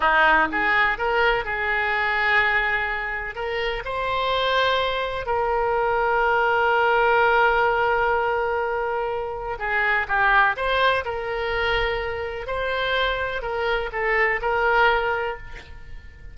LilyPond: \new Staff \with { instrumentName = "oboe" } { \time 4/4 \tempo 4 = 125 dis'4 gis'4 ais'4 gis'4~ | gis'2. ais'4 | c''2. ais'4~ | ais'1~ |
ais'1 | gis'4 g'4 c''4 ais'4~ | ais'2 c''2 | ais'4 a'4 ais'2 | }